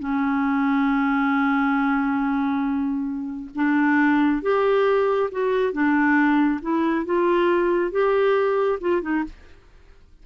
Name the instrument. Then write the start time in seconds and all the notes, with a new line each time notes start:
clarinet
0.00 C#4
3.55 D4
4.43 G4
5.32 F#4
5.73 D4
6.62 E4
7.06 F4
7.92 G4
8.81 F4
9.02 D#4